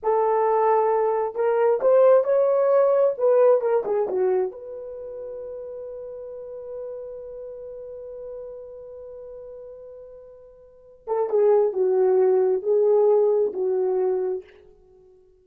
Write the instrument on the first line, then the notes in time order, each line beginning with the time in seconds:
horn
0.02 A4
1.35 A#4
1.81 C5
2.24 C#5
3.17 B4
3.61 A#4
3.85 G#4
4.08 F#4
4.51 B4
11.07 A4
11.29 G#4
11.73 F#4
12.62 G#4
13.53 F#4